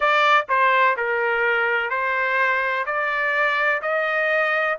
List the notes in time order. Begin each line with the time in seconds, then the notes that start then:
0.00 D5
0.48 C5
0.97 A#4
1.90 C5
2.86 D5
3.82 D#5